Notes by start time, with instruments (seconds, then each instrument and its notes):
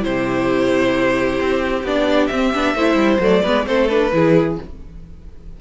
0.00 cello C3, viola E4, violin G4 C5
1.40 cello C4
1.83 cello B3, viola D4, violin D5
2.26 cello C4, violin E5
2.32 viola C4
2.54 cello B3, viola D4
2.74 cello A3, viola E4, violin C5
2.95 cello G3
3.19 cello F#3, viola A3, violin D5
3.42 cello G#3, viola B3, violin B4
3.65 cello A3, viola C4, violin A4 C5
3.88 viola D4, violin B4
4.12 cello E3, viola E4, violin G#4